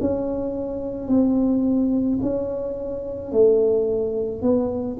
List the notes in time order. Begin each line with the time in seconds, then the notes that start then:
0.00 C#4
1.08 C4
2.22 C#4
3.31 A3
4.42 B3